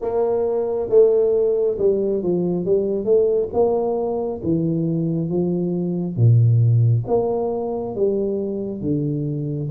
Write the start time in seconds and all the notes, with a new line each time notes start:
0.01 A#3
0.89 A3
1.78 G3
2.23 F3
2.65 G3
3.04 A3
3.53 A#3
4.43 E3
5.29 F3
6.16 A#2
7.07 A#3
7.95 G3
8.81 D3